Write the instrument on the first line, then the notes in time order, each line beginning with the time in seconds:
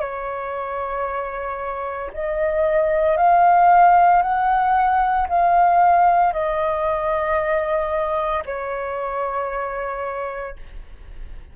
flute
0.00 C#5
2.13 D#5
3.17 F5
4.22 F#5
5.28 F5
6.33 D#5
8.45 C#5